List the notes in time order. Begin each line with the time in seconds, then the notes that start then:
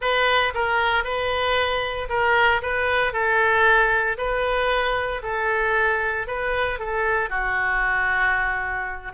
0.01 B4
0.54 A#4
1.04 B4
2.09 A#4
2.62 B4
3.13 A4
4.17 B4
5.22 A4
6.27 B4
6.79 A4
7.29 F#4